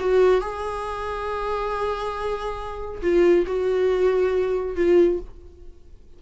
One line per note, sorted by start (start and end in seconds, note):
0.00 0.41 F#4
0.41 3.02 G#4
3.02 3.46 F4
3.47 4.76 F#4
4.76 5.20 F4